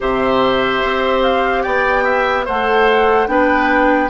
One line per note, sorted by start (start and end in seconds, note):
0.00 0.83 C3
0.00 2.47 G4
0.00 1.63 C5
0.00 1.22 E5
0.83 1.65 C4
1.22 1.62 F5
1.62 2.47 B3
1.62 2.04 D5
1.62 2.44 G5
2.04 2.45 E5
2.45 3.27 A3
2.45 3.27 A4
2.45 3.27 C5
2.45 3.27 F#5
3.27 4.10 B3
3.27 4.09 D4
3.27 4.10 B4
3.27 4.09 G5